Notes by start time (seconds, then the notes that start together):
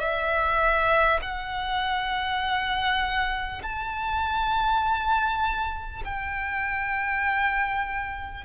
0.00 E5
1.22 F#5
3.63 A5
6.04 G5